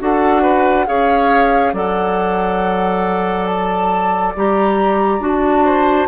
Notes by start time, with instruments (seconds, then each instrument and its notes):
0.00 bassoon D4, clarinet F#4, oboe A4, flute F#5
0.42 oboe B4
0.86 bassoon C#4, clarinet G#4, oboe C#5, flute F5
1.73 bassoon F#3, clarinet A4, oboe D5, flute F#5
3.46 flute A5
4.36 bassoon G3, clarinet G4, flute A#5
5.20 bassoon D4, clarinet F#4
5.27 flute A5
5.65 oboe C5